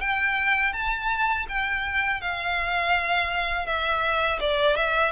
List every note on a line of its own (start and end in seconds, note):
0.00 0.73 G5
0.73 1.46 A5
1.48 2.21 G5
2.21 3.66 F5
3.66 4.39 E5
4.40 4.76 D5
4.76 5.11 E5